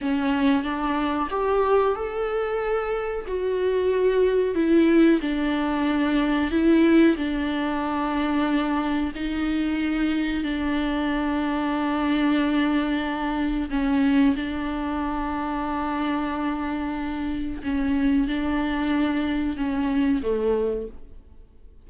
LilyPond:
\new Staff \with { instrumentName = "viola" } { \time 4/4 \tempo 4 = 92 cis'4 d'4 g'4 a'4~ | a'4 fis'2 e'4 | d'2 e'4 d'4~ | d'2 dis'2 |
d'1~ | d'4 cis'4 d'2~ | d'2. cis'4 | d'2 cis'4 a4 | }